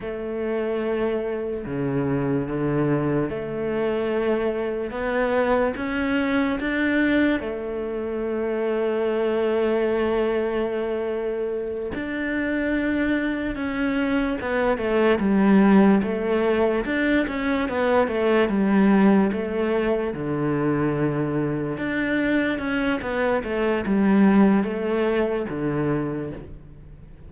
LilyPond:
\new Staff \with { instrumentName = "cello" } { \time 4/4 \tempo 4 = 73 a2 cis4 d4 | a2 b4 cis'4 | d'4 a2.~ | a2~ a8 d'4.~ |
d'8 cis'4 b8 a8 g4 a8~ | a8 d'8 cis'8 b8 a8 g4 a8~ | a8 d2 d'4 cis'8 | b8 a8 g4 a4 d4 | }